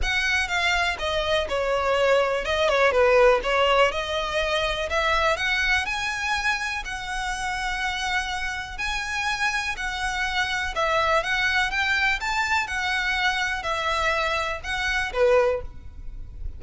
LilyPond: \new Staff \with { instrumentName = "violin" } { \time 4/4 \tempo 4 = 123 fis''4 f''4 dis''4 cis''4~ | cis''4 dis''8 cis''8 b'4 cis''4 | dis''2 e''4 fis''4 | gis''2 fis''2~ |
fis''2 gis''2 | fis''2 e''4 fis''4 | g''4 a''4 fis''2 | e''2 fis''4 b'4 | }